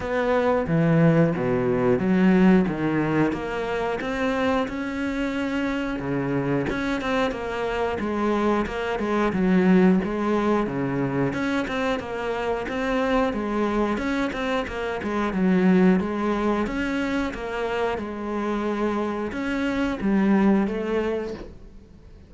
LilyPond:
\new Staff \with { instrumentName = "cello" } { \time 4/4 \tempo 4 = 90 b4 e4 b,4 fis4 | dis4 ais4 c'4 cis'4~ | cis'4 cis4 cis'8 c'8 ais4 | gis4 ais8 gis8 fis4 gis4 |
cis4 cis'8 c'8 ais4 c'4 | gis4 cis'8 c'8 ais8 gis8 fis4 | gis4 cis'4 ais4 gis4~ | gis4 cis'4 g4 a4 | }